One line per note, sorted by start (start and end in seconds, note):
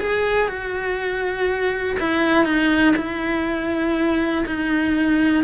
0.00 0.48 G#4
0.48 1.97 F#4
2.00 2.45 E4
2.45 2.95 D#4
2.96 4.45 E4
4.47 5.45 D#4